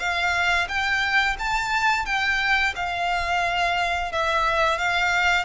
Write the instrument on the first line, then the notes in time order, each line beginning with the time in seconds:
violin
0.00 F5
0.68 G5
1.39 A5
2.06 G5
2.76 F5
4.12 E5
4.79 F5